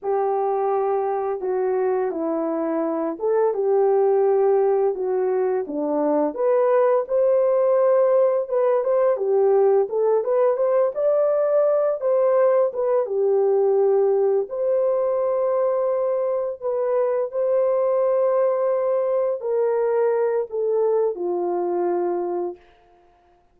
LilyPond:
\new Staff \with { instrumentName = "horn" } { \time 4/4 \tempo 4 = 85 g'2 fis'4 e'4~ | e'8 a'8 g'2 fis'4 | d'4 b'4 c''2 | b'8 c''8 g'4 a'8 b'8 c''8 d''8~ |
d''4 c''4 b'8 g'4.~ | g'8 c''2. b'8~ | b'8 c''2. ais'8~ | ais'4 a'4 f'2 | }